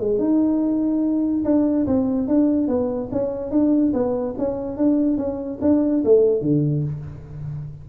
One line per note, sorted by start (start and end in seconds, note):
0.00 0.19 G#3
0.19 1.44 D#4
1.45 1.87 D4
1.87 2.28 C4
2.28 2.68 D4
2.68 3.10 B3
3.12 3.52 C#4
3.52 3.93 D4
3.94 4.35 B3
4.39 4.77 C#4
4.77 5.18 D4
5.18 5.59 C#4
5.62 6.04 D4
6.05 6.42 A3
6.42 6.84 D3